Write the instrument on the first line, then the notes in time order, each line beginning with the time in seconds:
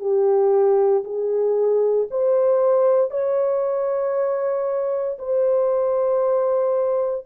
horn
0.00 G4
1.04 G#4
2.11 C5
3.11 C#5
5.19 C5